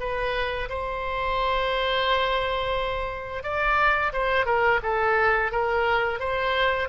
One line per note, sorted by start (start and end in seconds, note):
0.00 0.69 B4
0.69 3.44 C5
3.44 4.13 D5
4.13 4.46 C5
4.46 4.80 A#4
4.83 5.52 A4
5.52 6.20 A#4
6.20 6.89 C5